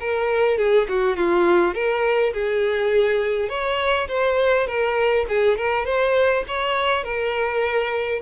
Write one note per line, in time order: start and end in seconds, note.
0.00 0.58 A#4
0.58 0.87 G#4
0.88 1.17 F#4
1.17 1.74 F4
1.74 2.33 A#4
2.33 3.49 G#4
3.49 4.07 C#5
4.08 4.67 C5
4.67 5.26 A#4
5.29 5.57 G#4
5.57 5.85 A#4
5.85 6.44 C5
6.48 7.04 C#5
7.04 8.21 A#4